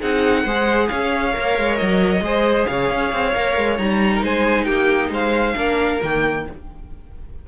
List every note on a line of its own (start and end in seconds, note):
0.00 0.44 C4
0.00 0.45 D#4
0.00 0.43 G#4
0.00 0.88 F#5
0.43 0.89 G#3
0.43 1.32 G#4
0.43 0.87 C5
0.88 1.36 C#4
0.88 2.23 C#5
0.88 1.76 F5
1.32 1.58 A#3
1.32 2.21 A#4
1.58 1.80 G#3
1.76 2.20 F#3
1.76 2.65 D#5
2.20 2.65 G#3
2.20 3.34 G#4
2.20 2.69 C5
2.66 2.90 C#3
2.66 4.14 C#5
2.66 3.77 F5
2.90 3.12 C#4
3.12 3.35 C4
3.34 3.57 A#3
3.34 3.78 A#4
3.57 3.78 G#3
3.78 4.22 G3
3.78 5.55 D#4
3.78 4.22 A#5
4.14 4.23 A#4
4.22 4.66 G#3
4.22 4.65 C5
4.22 4.64 G#5
4.64 5.10 A#3
4.64 5.10 G4
4.64 5.09 G5
5.10 5.54 G#3
5.10 5.56 C5
5.10 6.02 F5
5.55 6.01 A#3
5.55 6.00 D4
5.55 6.46 A#4
6.02 6.46 D#3
6.02 6.48 A#3
6.02 6.48 G5